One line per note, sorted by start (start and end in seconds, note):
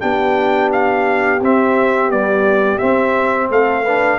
0.00 1.41 B3
0.00 1.40 D4
0.00 3.50 G4
0.00 0.70 G5
0.72 1.42 F5
1.41 2.09 C4
1.41 2.12 C4
1.41 2.11 E5
2.09 2.80 G3
2.09 2.79 B3
2.09 2.78 D5
2.78 3.85 C4
2.78 3.50 C4
2.78 3.48 E5
3.50 4.19 A3
3.50 3.83 A4
3.50 4.19 F5
3.83 4.19 D4
3.83 4.18 B4